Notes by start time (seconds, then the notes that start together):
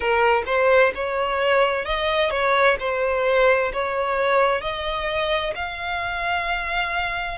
0.00 A#4
0.46 C5
0.94 C#5
1.85 D#5
2.30 C#5
2.79 C5
3.73 C#5
4.61 D#5
5.55 F5